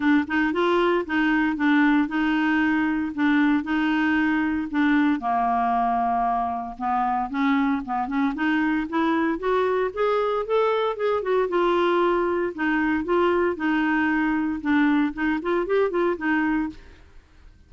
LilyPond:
\new Staff \with { instrumentName = "clarinet" } { \time 4/4 \tempo 4 = 115 d'8 dis'8 f'4 dis'4 d'4 | dis'2 d'4 dis'4~ | dis'4 d'4 ais2~ | ais4 b4 cis'4 b8 cis'8 |
dis'4 e'4 fis'4 gis'4 | a'4 gis'8 fis'8 f'2 | dis'4 f'4 dis'2 | d'4 dis'8 f'8 g'8 f'8 dis'4 | }